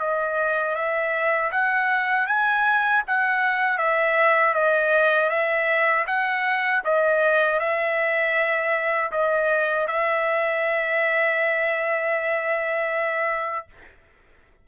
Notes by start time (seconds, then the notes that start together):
0.00 D#5
0.75 E5
1.52 F#5
2.27 G#5
3.08 F#5
3.78 E5
4.54 D#5
5.30 E5
6.07 F#5
6.85 D#5
7.60 E5
9.12 D#5
9.87 E5